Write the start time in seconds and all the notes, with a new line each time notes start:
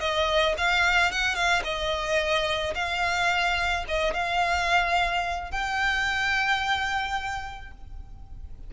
0.00 D#5
0.57 F5
1.11 F#5
1.35 F5
1.64 D#5
2.75 F5
3.88 D#5
4.13 F5
5.51 G5